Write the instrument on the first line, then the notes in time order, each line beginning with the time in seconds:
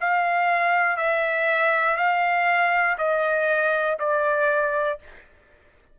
trumpet
0.00 F5
0.97 E5
1.97 F5
2.98 D#5
3.99 D5